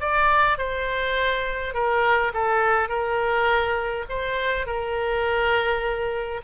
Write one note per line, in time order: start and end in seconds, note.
0.00 0.58 D5
0.58 1.74 C5
1.74 2.32 A#4
2.34 2.89 A4
2.89 4.05 A#4
4.09 4.66 C5
4.66 6.41 A#4